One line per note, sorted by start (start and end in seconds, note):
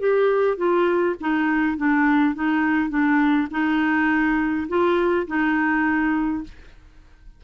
0.00 0.58 G4
0.58 1.16 F4
1.21 1.78 D#4
1.78 2.35 D4
2.35 2.90 D#4
2.90 3.48 D4
3.51 4.68 D#4
4.69 5.27 F4
5.28 6.44 D#4